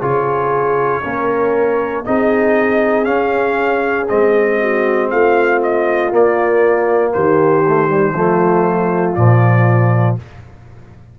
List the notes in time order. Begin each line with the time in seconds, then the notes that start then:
0.00 C#3 F4 G#4 C#5
1.03 A#3 C#4 A#4
2.05 C4 D#4 G#4 D#5
3.04 C#4 F5
4.08 G#3 C4 D#5
4.60 F#4
5.10 A3 F4 F5
5.62 D#5
6.11 A#3 D5
7.12 D#3 G4 C5
7.67 A3
7.88 G3
8.13 F3 A3 F4
9.14 A#2 F3 D5